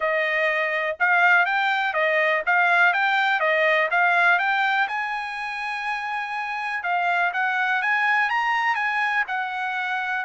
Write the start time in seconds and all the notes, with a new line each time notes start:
0.00 D#5
0.99 F5
1.45 G5
1.93 D#5
2.46 F5
2.93 G5
3.39 D#5
3.90 F5
4.38 G5
4.88 G#5
6.83 F5
7.33 F#5
7.82 G#5
8.29 A#5
8.75 G#5
9.27 F#5